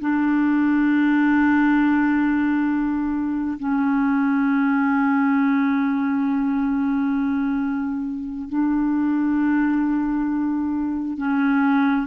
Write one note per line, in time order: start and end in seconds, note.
0.00 3.58 D4
3.59 8.49 C#4
8.49 11.17 D4
11.17 12.07 C#4